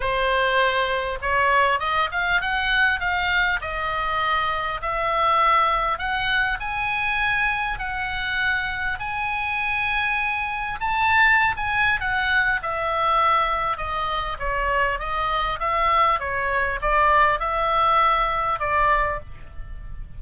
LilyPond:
\new Staff \with { instrumentName = "oboe" } { \time 4/4 \tempo 4 = 100 c''2 cis''4 dis''8 f''8 | fis''4 f''4 dis''2 | e''2 fis''4 gis''4~ | gis''4 fis''2 gis''4~ |
gis''2 a''4~ a''16 gis''8. | fis''4 e''2 dis''4 | cis''4 dis''4 e''4 cis''4 | d''4 e''2 d''4 | }